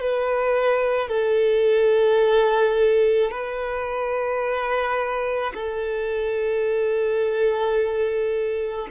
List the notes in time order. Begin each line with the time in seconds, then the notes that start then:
0.00 B4
1.09 A4
3.31 B4
5.54 A4